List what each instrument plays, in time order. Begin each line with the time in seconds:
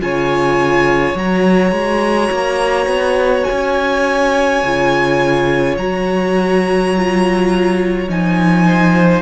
0.00 cello C#3, viola F4, violin C#5 G#5
1.14 cello F#3, viola F#4, violin A#5
1.71 cello G#3
2.31 cello A#3
2.86 cello B3
3.44 violin G#5
3.51 cello C#4
4.63 cello C#3, viola F4
5.77 cello F#3, viola F#4, violin A#5
6.96 viola F4
8.08 cello F3, viola D#4, violin G#5
8.66 violin C5